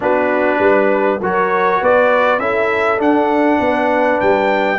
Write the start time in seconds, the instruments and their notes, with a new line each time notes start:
0.00 tuba B3, trombone D4, horn F#4, trumpet B4
0.59 tuba G3, horn B4
1.20 tuba F#3, trombone F#4, horn A#4, trumpet C#5
1.80 tuba B3, horn B4, trumpet D5
2.38 tuba C#4, trombone E4, horn A4, trumpet E5
2.98 trombone D4, tuba D4, trumpet F#5
3.60 tuba B3, horn B4
4.20 tuba G3, trumpet G5